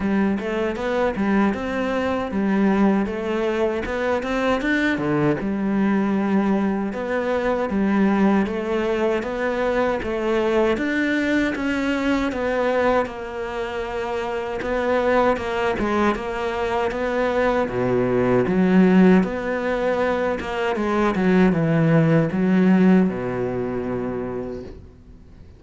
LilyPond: \new Staff \with { instrumentName = "cello" } { \time 4/4 \tempo 4 = 78 g8 a8 b8 g8 c'4 g4 | a4 b8 c'8 d'8 d8 g4~ | g4 b4 g4 a4 | b4 a4 d'4 cis'4 |
b4 ais2 b4 | ais8 gis8 ais4 b4 b,4 | fis4 b4. ais8 gis8 fis8 | e4 fis4 b,2 | }